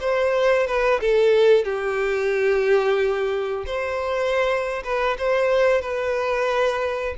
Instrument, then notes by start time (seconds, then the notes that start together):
violin
0.00 C5
0.67 B4
1.01 A4
1.65 G4
3.66 C5
4.84 B4
5.18 C5
5.82 B4